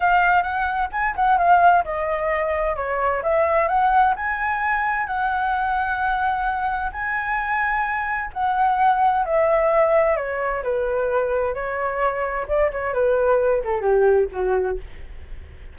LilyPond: \new Staff \with { instrumentName = "flute" } { \time 4/4 \tempo 4 = 130 f''4 fis''4 gis''8 fis''8 f''4 | dis''2 cis''4 e''4 | fis''4 gis''2 fis''4~ | fis''2. gis''4~ |
gis''2 fis''2 | e''2 cis''4 b'4~ | b'4 cis''2 d''8 cis''8 | b'4. a'8 g'4 fis'4 | }